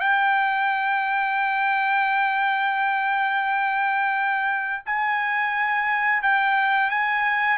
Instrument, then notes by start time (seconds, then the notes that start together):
trumpet
0.00 G5
4.86 G#5
6.22 G5
6.90 G#5